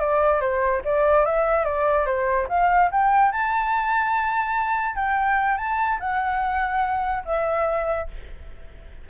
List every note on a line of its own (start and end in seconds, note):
0.00 0.41 D5
0.41 0.82 C5
0.85 1.25 D5
1.25 1.65 E5
1.65 2.06 D5
2.06 2.48 C5
2.49 2.90 F5
2.91 3.32 G5
3.32 4.96 A5
4.96 5.58 G5
5.58 5.99 A5
6.00 7.24 F#5
7.25 8.08 E5